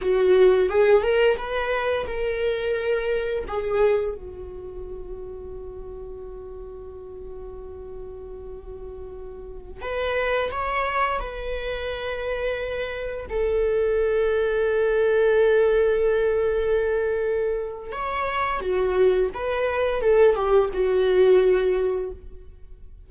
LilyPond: \new Staff \with { instrumentName = "viola" } { \time 4/4 \tempo 4 = 87 fis'4 gis'8 ais'8 b'4 ais'4~ | ais'4 gis'4 fis'2~ | fis'1~ | fis'2~ fis'16 b'4 cis''8.~ |
cis''16 b'2. a'8.~ | a'1~ | a'2 cis''4 fis'4 | b'4 a'8 g'8 fis'2 | }